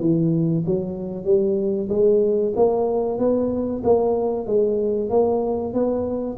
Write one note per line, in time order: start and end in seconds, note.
0.00 0.64 E3
0.65 1.24 F#3
1.24 1.88 G3
1.89 2.52 G#3
2.55 3.18 A#3
3.18 3.82 B3
3.84 4.46 A#3
4.46 5.09 G#3
5.09 5.73 A#3
5.73 6.37 B3